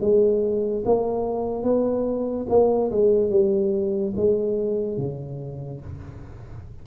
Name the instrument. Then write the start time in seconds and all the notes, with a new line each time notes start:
tuba
0.00 G#3
0.85 A#3
1.63 B3
2.49 A#3
2.91 G#3
3.30 G3
4.16 G#3
4.97 C#3